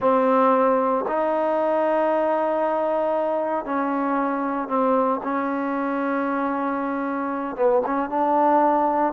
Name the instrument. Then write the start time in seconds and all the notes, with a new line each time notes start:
trombone
0.00 C4
1.08 D#4
3.65 C#4
4.68 C4
5.23 C#4
7.56 B3
7.85 C#4
8.09 D4